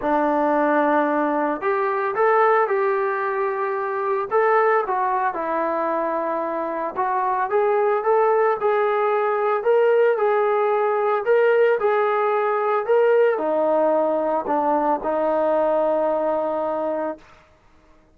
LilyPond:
\new Staff \with { instrumentName = "trombone" } { \time 4/4 \tempo 4 = 112 d'2. g'4 | a'4 g'2. | a'4 fis'4 e'2~ | e'4 fis'4 gis'4 a'4 |
gis'2 ais'4 gis'4~ | gis'4 ais'4 gis'2 | ais'4 dis'2 d'4 | dis'1 | }